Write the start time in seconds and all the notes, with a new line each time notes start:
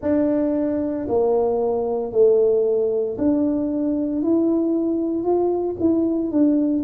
0.02 D4
1.08 A#3
2.11 A3
3.18 D4
4.22 E4
5.23 F4
5.79 E4
6.31 D4